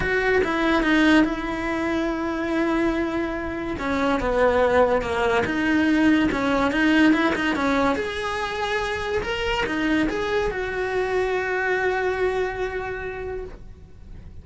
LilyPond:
\new Staff \with { instrumentName = "cello" } { \time 4/4 \tempo 4 = 143 fis'4 e'4 dis'4 e'4~ | e'1~ | e'4 cis'4 b2 | ais4 dis'2 cis'4 |
dis'4 e'8 dis'8 cis'4 gis'4~ | gis'2 ais'4 dis'4 | gis'4 fis'2.~ | fis'1 | }